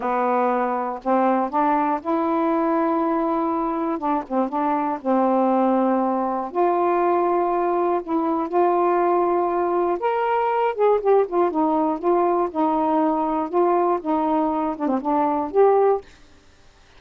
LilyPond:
\new Staff \with { instrumentName = "saxophone" } { \time 4/4 \tempo 4 = 120 b2 c'4 d'4 | e'1 | d'8 c'8 d'4 c'2~ | c'4 f'2. |
e'4 f'2. | ais'4. gis'8 g'8 f'8 dis'4 | f'4 dis'2 f'4 | dis'4. d'16 c'16 d'4 g'4 | }